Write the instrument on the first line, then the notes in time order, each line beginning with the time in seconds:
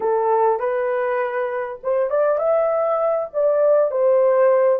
horn
0.00 A4
0.59 B4
1.83 C5
2.10 D5
2.38 E5
3.33 D5
3.91 C5